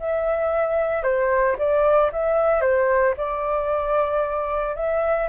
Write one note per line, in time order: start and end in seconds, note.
0.00 1.03 E5
1.03 1.56 C5
1.58 2.11 D5
2.13 2.61 E5
2.61 3.14 C5
3.17 4.76 D5
4.76 5.29 E5